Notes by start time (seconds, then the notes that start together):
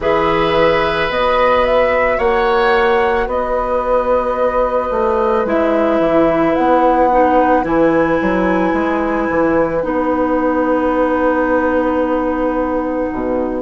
0.00 E3 G#4 B4 E5
1.09 B3 F#4 D#5
1.65 E5
2.17 A#3 C#5 F#5
3.26 B3 B4 D#5
4.90 A3
5.45 G#3 E4 E5
5.99 E3
6.55 B3 F#5
7.12 D#4
7.62 E3 E4 G#5
8.21 F#3
8.73 G#3
9.30 E3
9.81 B3 D#4 F#5
13.12 B2